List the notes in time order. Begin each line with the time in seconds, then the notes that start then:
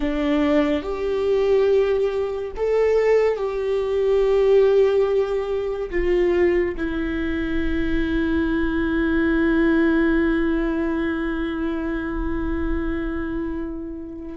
0.00 D4
0.82 G4
2.56 A4
3.36 G4
5.90 F4
6.77 E4